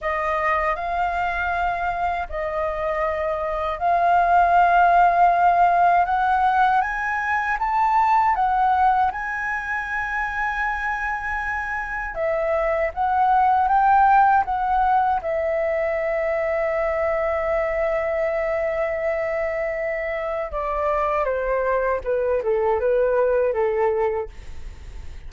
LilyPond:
\new Staff \with { instrumentName = "flute" } { \time 4/4 \tempo 4 = 79 dis''4 f''2 dis''4~ | dis''4 f''2. | fis''4 gis''4 a''4 fis''4 | gis''1 |
e''4 fis''4 g''4 fis''4 | e''1~ | e''2. d''4 | c''4 b'8 a'8 b'4 a'4 | }